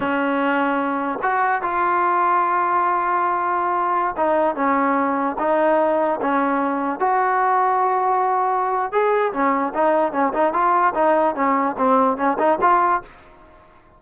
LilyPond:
\new Staff \with { instrumentName = "trombone" } { \time 4/4 \tempo 4 = 148 cis'2. fis'4 | f'1~ | f'2~ f'16 dis'4 cis'8.~ | cis'4~ cis'16 dis'2 cis'8.~ |
cis'4~ cis'16 fis'2~ fis'8.~ | fis'2 gis'4 cis'4 | dis'4 cis'8 dis'8 f'4 dis'4 | cis'4 c'4 cis'8 dis'8 f'4 | }